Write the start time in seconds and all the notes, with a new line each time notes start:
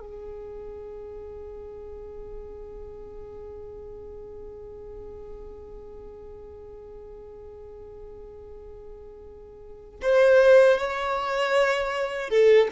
0.00 G#4
10.02 C5
10.78 C#5
12.29 A4